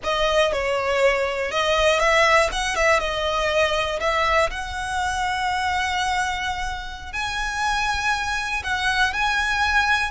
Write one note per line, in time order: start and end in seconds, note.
0.03 0.52 D#5
0.52 1.51 C#5
1.51 1.99 D#5
1.99 2.49 E5
2.52 2.75 F#5
2.75 2.99 E5
2.99 3.99 D#5
4.00 4.50 E5
4.50 7.12 F#5
7.12 8.62 G#5
8.63 9.13 F#5
9.13 10.10 G#5